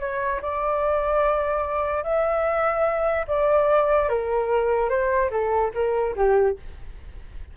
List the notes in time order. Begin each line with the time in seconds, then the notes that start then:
0.00 C#5
0.42 D5
2.04 E5
3.28 D5
4.09 A#4
4.90 C5
5.31 A4
5.75 A#4
6.16 G4